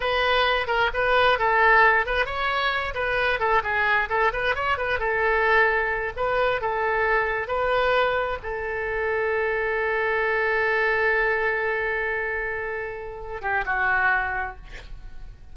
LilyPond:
\new Staff \with { instrumentName = "oboe" } { \time 4/4 \tempo 4 = 132 b'4. ais'8 b'4 a'4~ | a'8 b'8 cis''4. b'4 a'8 | gis'4 a'8 b'8 cis''8 b'8 a'4~ | a'4. b'4 a'4.~ |
a'8 b'2 a'4.~ | a'1~ | a'1~ | a'4. g'8 fis'2 | }